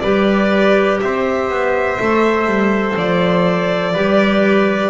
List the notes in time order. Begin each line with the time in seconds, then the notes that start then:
0.00 G3 G4 B4 D5
1.01 C4 C5 E5
1.50 B3
1.99 A3 A4
2.46 G3
2.97 F3 D5
3.94 G3 G4 B4